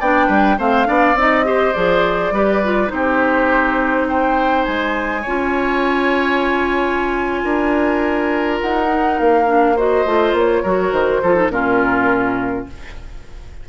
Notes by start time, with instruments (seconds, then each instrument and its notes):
0.00 bassoon B3, clarinet D4, oboe D5, flute G5
0.27 bassoon G3, oboe B4
0.58 bassoon A3, clarinet C4, oboe C5, flute F5
0.86 bassoon B3, clarinet D4, oboe D5
1.15 bassoon C4, clarinet D#4, flute D#5
1.45 clarinet G4, oboe C5
1.73 bassoon F3, clarinet G#4, flute D5
2.31 bassoon G3, clarinet G4, oboe B4
2.64 clarinet F4
2.88 bassoon C4, clarinet D#4, oboe G4, flute C5
4.08 oboe C5, flute G5
4.65 bassoon G#3, flute G#5
5.22 bassoon C#4, clarinet F4, oboe C#5
7.44 bassoon D4, oboe A#4
8.61 bassoon D#4, flute F#5
8.87 clarinet D#4
9.19 bassoon A#3, flute F5
9.46 clarinet D4
9.76 clarinet F#4, oboe C5, flute D#5
10.05 bassoon A3, clarinet F4
10.33 bassoon A#3, flute C#5
10.63 bassoon F#3, clarinet F#4, oboe A#4
10.92 bassoon D#3, flute C5
11.23 bassoon F3, clarinet F4, oboe A4
11.36 clarinet D#4
11.49 bassoon A#2, clarinet C#4, oboe F4, flute A#4